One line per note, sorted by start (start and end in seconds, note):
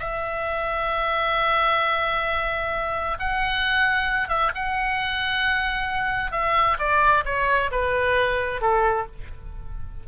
0.00 3.18 E5
3.20 4.29 F#5
4.29 4.52 E5
4.55 6.32 F#5
6.32 6.77 E5
6.79 7.25 D5
7.26 7.71 C#5
7.72 8.62 B4
8.62 9.07 A4